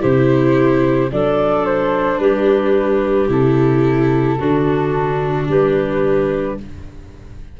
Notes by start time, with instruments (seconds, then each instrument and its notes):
0.00 tuba C3, viola E4, clarinet G4, flute C5
1.12 tuba F#3, viola D4, clarinet A4, flute D5
1.66 flute C5
2.19 tuba G3, clarinet G4, flute B4
3.29 tuba C3, viola E4, flute A4
4.38 tuba D3, viola D4, clarinet F#4
5.48 tuba G3, clarinet G4, flute B4